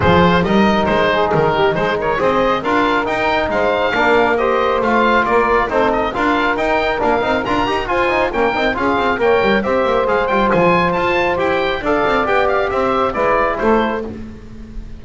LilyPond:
<<
  \new Staff \with { instrumentName = "oboe" } { \time 4/4 \tempo 4 = 137 c''4 dis''4 c''4 ais'4 | c''8 cis''8 dis''4 f''4 g''4 | f''2 dis''4 f''4 | d''4 c''8 dis''8 f''4 g''4 |
f''4 ais''4 gis''4 g''4 | f''4 g''4 e''4 f''8 g''8 | gis''4 a''4 g''4 f''4 | g''8 f''8 e''4 d''4 c''4 | }
  \new Staff \with { instrumentName = "saxophone" } { \time 4/4 gis'4 ais'4. gis'4 g'8 | gis'8 ais'8 c''4 ais'2 | c''4 ais'4 c''2 | ais'4 a'4 ais'2~ |
ais'2 c''4 ais'4 | gis'4 cis''4 c''2~ | c''2. d''4~ | d''4 c''4 b'4 a'4 | }
  \new Staff \with { instrumentName = "trombone" } { \time 4/4 f'4 dis'2.~ | dis'4 gis'4 f'4 dis'4~ | dis'4 d'4 g'4 f'4~ | f'4 dis'4 f'4 dis'4 |
d'8 dis'8 f'8 g'8 f'8 dis'8 cis'8 dis'8 | f'4 ais'4 g'4 gis'8 f'8~ | f'2 g'4 a'4 | g'2 e'2 | }
  \new Staff \with { instrumentName = "double bass" } { \time 4/4 f4 g4 gis4 dis4 | gis4 c'4 d'4 dis'4 | gis4 ais2 a4 | ais4 c'4 d'4 dis'4 |
ais8 c'8 d'8 dis'8 f'4 ais8 c'8 | cis'8 c'8 ais8 g8 c'8 ais8 gis8 g8 | f4 f'4 e'4 d'8 c'8 | b4 c'4 gis4 a4 | }
>>